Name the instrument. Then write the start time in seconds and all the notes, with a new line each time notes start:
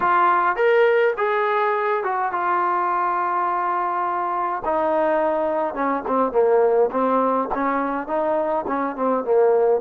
trombone
0.00 F4
0.55 A#4
1.17 G#4
2.03 F#4
2.32 F4
4.64 D#4
5.74 C#4
6.07 C4
6.32 A#3
6.91 C4
7.54 C#4
8.07 D#4
8.67 C#4
8.96 C4
9.24 A#3